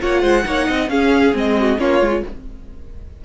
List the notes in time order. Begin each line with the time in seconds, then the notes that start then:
0.00 A#3 F4 C#5 F#5
0.22 G#3 C5
0.44 A#3 D#4 C#5
0.68 C4 D#5
0.89 C#4 G#4 F5
1.34 G#3 C4 D#5
1.60 F#4
1.78 A#3 C#4 F4 C#5
2.01 G#3 F4